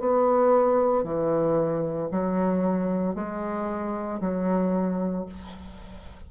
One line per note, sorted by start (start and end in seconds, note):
0.00 1.04 B3
1.04 2.10 E3
2.11 3.15 F#3
3.15 4.21 G#3
4.21 5.26 F#3